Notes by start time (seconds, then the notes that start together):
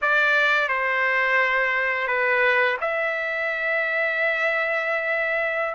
0.01 D5
0.68 C5
2.07 B4
2.80 E5